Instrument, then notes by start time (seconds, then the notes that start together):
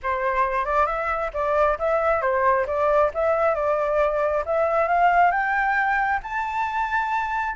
flute
0.02 C5
0.65 D5
0.86 E5
1.33 D5
1.78 E5
2.21 C5
2.66 D5
3.13 E5
3.55 D5
4.45 E5
4.88 F5
5.31 G5
6.22 A5